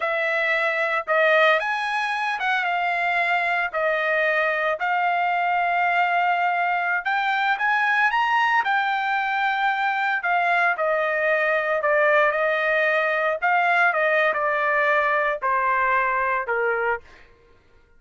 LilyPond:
\new Staff \with { instrumentName = "trumpet" } { \time 4/4 \tempo 4 = 113 e''2 dis''4 gis''4~ | gis''8 fis''8 f''2 dis''4~ | dis''4 f''2.~ | f''4~ f''16 g''4 gis''4 ais''8.~ |
ais''16 g''2. f''8.~ | f''16 dis''2 d''4 dis''8.~ | dis''4~ dis''16 f''4 dis''8. d''4~ | d''4 c''2 ais'4 | }